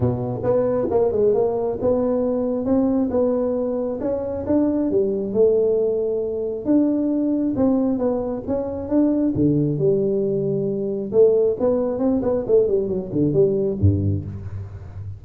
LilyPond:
\new Staff \with { instrumentName = "tuba" } { \time 4/4 \tempo 4 = 135 b,4 b4 ais8 gis8 ais4 | b2 c'4 b4~ | b4 cis'4 d'4 g4 | a2. d'4~ |
d'4 c'4 b4 cis'4 | d'4 d4 g2~ | g4 a4 b4 c'8 b8 | a8 g8 fis8 d8 g4 g,4 | }